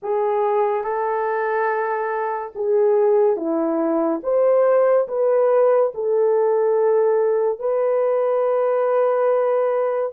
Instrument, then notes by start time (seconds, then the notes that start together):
horn
0.02 G#4
0.83 A4
2.55 G#4
3.36 E4
4.23 C5
5.07 B4
5.94 A4
7.59 B4